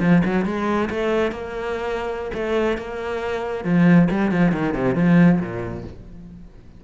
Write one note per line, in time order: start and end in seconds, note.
0.00 0.22 F3
0.25 0.45 F#3
0.45 0.89 G#3
0.90 1.32 A3
1.32 2.31 A#3
2.34 2.78 A3
2.78 3.65 A#3
3.65 4.09 F3
4.11 4.31 G3
4.31 4.52 F3
4.52 4.74 D#3
4.74 4.96 C3
4.96 5.40 F3
5.40 5.84 A#2